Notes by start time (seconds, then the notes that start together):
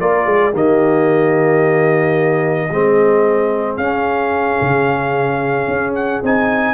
0.00 A#3 F4 A#4 D5
0.26 G#3 G#4
0.52 D#3 A#3 G4 D#5
2.71 G#3 C4 G#4
3.77 C#4 F5
4.62 C#3
5.68 C#4
5.95 F#5
6.23 C4 D#4 G#5